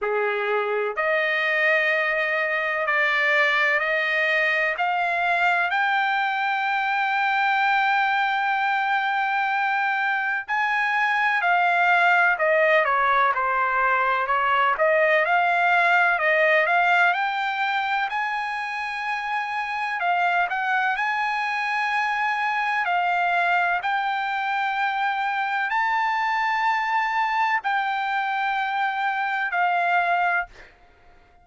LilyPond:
\new Staff \with { instrumentName = "trumpet" } { \time 4/4 \tempo 4 = 63 gis'4 dis''2 d''4 | dis''4 f''4 g''2~ | g''2. gis''4 | f''4 dis''8 cis''8 c''4 cis''8 dis''8 |
f''4 dis''8 f''8 g''4 gis''4~ | gis''4 f''8 fis''8 gis''2 | f''4 g''2 a''4~ | a''4 g''2 f''4 | }